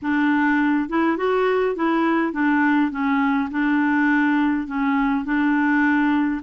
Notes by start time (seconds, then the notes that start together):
0.02 D4
0.89 E4
1.17 F#4
1.75 E4
2.32 D4
2.91 C#4
3.50 D4
4.67 C#4
5.24 D4